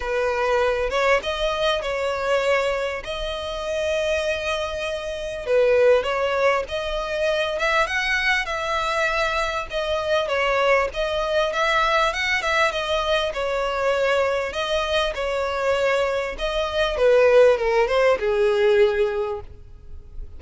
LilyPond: \new Staff \with { instrumentName = "violin" } { \time 4/4 \tempo 4 = 99 b'4. cis''8 dis''4 cis''4~ | cis''4 dis''2.~ | dis''4 b'4 cis''4 dis''4~ | dis''8 e''8 fis''4 e''2 |
dis''4 cis''4 dis''4 e''4 | fis''8 e''8 dis''4 cis''2 | dis''4 cis''2 dis''4 | b'4 ais'8 c''8 gis'2 | }